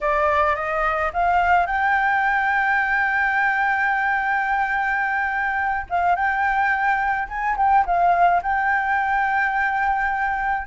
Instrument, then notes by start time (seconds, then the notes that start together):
flute
0.01 D5
0.55 D#5
1.13 F5
1.66 G5
5.89 F5
6.15 G5
7.28 G#5
7.56 G5
7.86 F5
8.42 G5